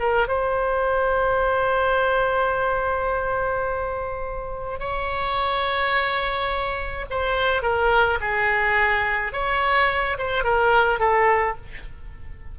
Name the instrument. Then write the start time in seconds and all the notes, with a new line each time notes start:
oboe
0.00 A#4
0.28 C5
4.80 C#5
7.11 C5
7.63 A#4
8.21 G#4
9.33 C#5
10.18 C5
10.44 A#4
11.00 A4